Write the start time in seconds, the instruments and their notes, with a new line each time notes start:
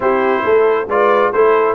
0.00 tuba C4, trombone E4, horn G4, trumpet C5
0.43 tuba A3, horn A4
0.87 tuba G#3, trombone F4, horn B4, trumpet D5
1.32 tuba A3, trombone E4, horn A4, trumpet C5